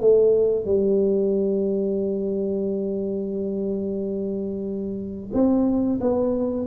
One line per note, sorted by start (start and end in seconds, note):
0.00 0.65 A3
0.65 5.31 G3
5.33 5.99 C4
6.00 6.66 B3